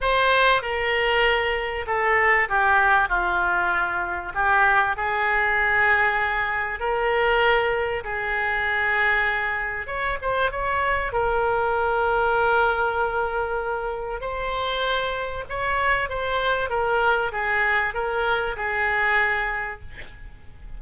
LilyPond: \new Staff \with { instrumentName = "oboe" } { \time 4/4 \tempo 4 = 97 c''4 ais'2 a'4 | g'4 f'2 g'4 | gis'2. ais'4~ | ais'4 gis'2. |
cis''8 c''8 cis''4 ais'2~ | ais'2. c''4~ | c''4 cis''4 c''4 ais'4 | gis'4 ais'4 gis'2 | }